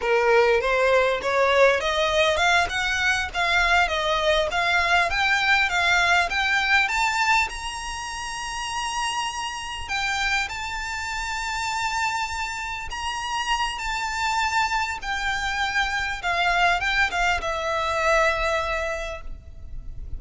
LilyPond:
\new Staff \with { instrumentName = "violin" } { \time 4/4 \tempo 4 = 100 ais'4 c''4 cis''4 dis''4 | f''8 fis''4 f''4 dis''4 f''8~ | f''8 g''4 f''4 g''4 a''8~ | a''8 ais''2.~ ais''8~ |
ais''8 g''4 a''2~ a''8~ | a''4. ais''4. a''4~ | a''4 g''2 f''4 | g''8 f''8 e''2. | }